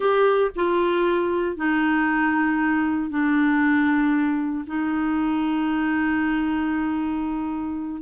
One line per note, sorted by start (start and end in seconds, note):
0.00 0.50 G4
0.55 1.56 F4
1.56 3.09 D#4
3.09 4.65 D4
4.66 8.02 D#4